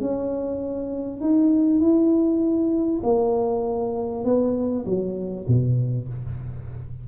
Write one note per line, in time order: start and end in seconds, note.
0.00 1.20 C#4
1.20 1.80 D#4
1.80 3.01 E4
3.03 4.24 A#3
4.24 4.85 B3
4.85 5.46 F#3
5.47 6.08 B2